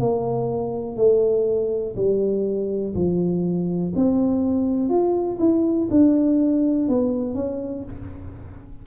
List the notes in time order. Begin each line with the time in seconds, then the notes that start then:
0.00 A#3
0.97 A3
1.97 G3
2.96 F3
3.96 C4
4.90 F4
5.40 E4
5.91 D4
6.89 B3
7.35 C#4